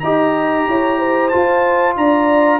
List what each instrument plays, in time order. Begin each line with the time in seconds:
0.00 tuba D#4, trombone G4, horn D#5, trumpet A#5
0.68 tuba E4, horn C#5
0.98 horn C5
1.29 trombone F4, tuba F4, trumpet A5
1.97 tuba D4, horn D5, trumpet A#5